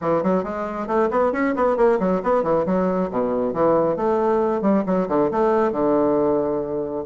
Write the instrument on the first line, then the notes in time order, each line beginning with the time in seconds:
bassoon
0.01 E3
0.23 F#3
0.43 G#3
0.87 A3
1.10 B3
1.32 C#4
1.55 B3
1.76 A#3
1.99 F#3
2.23 B3
2.43 E3
2.66 F#3
3.10 B2
3.53 E3
3.96 A3
4.61 G3
4.85 F#3
5.08 D3
5.31 A3
5.72 D3